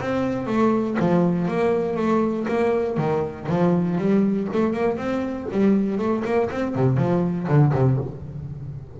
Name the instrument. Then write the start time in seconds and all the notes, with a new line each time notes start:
double bass
0.00 C4
0.47 A3
1.00 F3
1.48 A#3
1.96 A3
2.48 A#3
2.97 D#3
3.49 F3
3.98 G3
4.53 A3
4.73 A#3
4.97 C4
5.52 G3
5.98 A3
6.25 A#3
6.51 C4
6.75 C3
6.97 F3
7.48 D3
7.73 C3